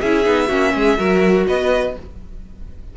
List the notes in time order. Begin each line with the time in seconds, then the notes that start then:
0.00 C#4 E4 G#4 E5
0.23 B3 D#4
0.47 A#3 C#4 F#4
0.74 G#3 G#4
0.97 F#3 F#4 A#4
1.47 B3 B4 D#5